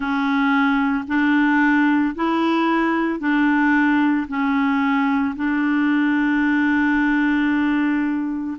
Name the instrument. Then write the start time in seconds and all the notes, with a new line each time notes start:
clarinet
0.00 C#4
1.07 D4
2.15 E4
3.19 D4
4.28 C#4
5.36 D4